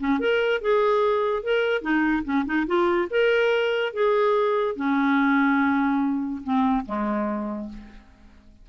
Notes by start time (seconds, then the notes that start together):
0.00 C#4
0.20 A#4
0.62 G#4
1.44 A#4
1.82 D#4
2.25 C#4
2.46 D#4
2.67 F4
3.11 A#4
3.94 G#4
4.76 C#4
6.44 C4
6.86 G#3